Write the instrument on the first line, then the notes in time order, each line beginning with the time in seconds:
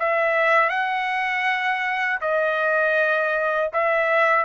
trumpet
0.00 E5
0.70 F#5
2.22 D#5
3.74 E5